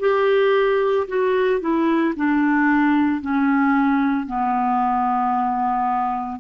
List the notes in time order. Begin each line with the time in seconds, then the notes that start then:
0.00 G4
1.08 F#4
1.61 E4
2.17 D4
3.21 C#4
4.27 B3